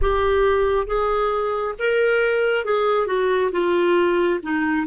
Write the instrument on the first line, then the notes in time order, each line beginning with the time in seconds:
clarinet
0.01 G4
0.86 G#4
1.78 A#4
2.65 G#4
3.06 F#4
3.51 F4
4.42 D#4